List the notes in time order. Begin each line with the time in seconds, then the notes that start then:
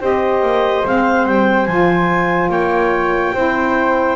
0.00 C4 G4 C5 D#5
0.42 A#3
0.85 G#3 C4 F5
1.27 G3 G5
1.66 F3 F4 G#5
2.49 A#3 C#5 G5
3.34 C4 E4 C5